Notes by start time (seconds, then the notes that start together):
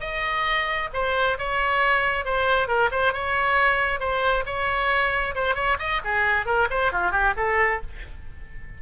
0.00 D#5
0.93 C5
1.38 C#5
2.24 C5
2.67 A#4
2.91 C5
3.13 C#5
3.99 C5
4.45 C#5
5.35 C5
5.55 C#5
5.79 D#5
6.04 G#4
6.45 A#4
6.70 C5
6.92 F4
7.11 G4
7.36 A4